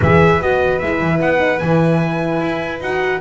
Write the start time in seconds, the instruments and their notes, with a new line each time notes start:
0.00 double bass E3, horn G#4, violin B4, trumpet E5
0.41 double bass B3, horn F#4, trumpet D#5
0.78 double bass G#3, horn E4, trumpet E5
1.00 double bass E3
1.21 double bass B3, trumpet F#5
1.37 horn D#4
1.58 double bass E3, horn E4, trumpet G#5
2.40 double bass E4
2.80 double bass D#4, horn F#4, trumpet F#5